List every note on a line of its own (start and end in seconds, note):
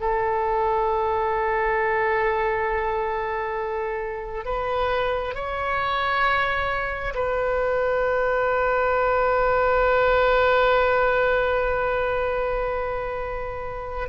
0.00 4.45 A4
4.45 5.34 B4
5.34 7.14 C#5
7.14 14.08 B4